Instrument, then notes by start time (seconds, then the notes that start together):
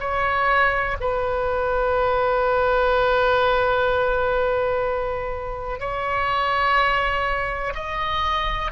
oboe
0.00 C#5
1.00 B4
5.80 C#5
7.75 D#5